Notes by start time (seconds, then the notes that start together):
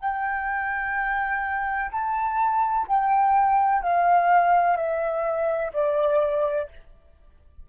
0.00 G5
1.92 A5
2.87 G5
3.82 F5
4.77 E5
5.73 D5